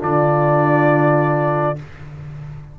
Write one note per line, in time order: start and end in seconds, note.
0.00 1.79 D3
0.00 1.76 D4
0.00 1.77 F4
0.00 1.80 D5